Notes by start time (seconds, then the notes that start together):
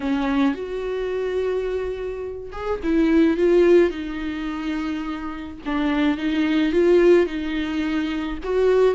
0.00 C#4
0.54 F#4
2.52 G#4
2.83 E4
3.37 F4
3.90 D#4
5.65 D4
6.17 D#4
6.72 F4
7.26 D#4
8.43 F#4